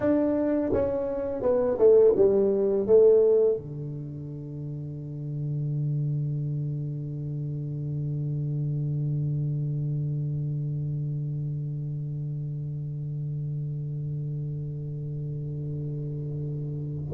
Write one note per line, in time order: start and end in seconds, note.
0.00 0.71 D4
0.72 1.42 C#4
1.42 1.77 B3
1.78 2.14 A3
2.16 2.86 G3
2.86 3.56 A3
3.56 17.13 D3